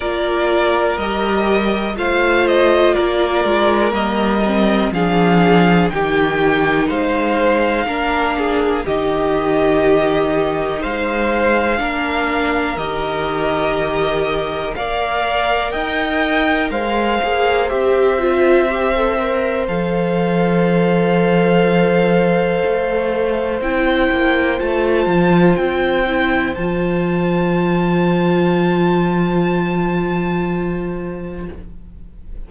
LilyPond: <<
  \new Staff \with { instrumentName = "violin" } { \time 4/4 \tempo 4 = 61 d''4 dis''4 f''8 dis''8 d''4 | dis''4 f''4 g''4 f''4~ | f''4 dis''2 f''4~ | f''4 dis''2 f''4 |
g''4 f''4 e''2 | f''1 | g''4 a''4 g''4 a''4~ | a''1 | }
  \new Staff \with { instrumentName = "violin" } { \time 4/4 ais'2 c''4 ais'4~ | ais'4 gis'4 g'4 c''4 | ais'8 gis'8 g'2 c''4 | ais'2. d''4 |
dis''4 c''2.~ | c''1~ | c''1~ | c''1 | }
  \new Staff \with { instrumentName = "viola" } { \time 4/4 f'4 g'4 f'2 | ais8 c'8 d'4 dis'2 | d'4 dis'2. | d'4 g'2 ais'4~ |
ais'4. gis'8 g'8 f'8 g'16 a'16 ais'8 | a'1 | e'4 f'4. e'8 f'4~ | f'1 | }
  \new Staff \with { instrumentName = "cello" } { \time 4/4 ais4 g4 a4 ais8 gis8 | g4 f4 dis4 gis4 | ais4 dis2 gis4 | ais4 dis2 ais4 |
dis'4 gis8 ais8 c'2 | f2. a4 | c'8 ais8 a8 f8 c'4 f4~ | f1 | }
>>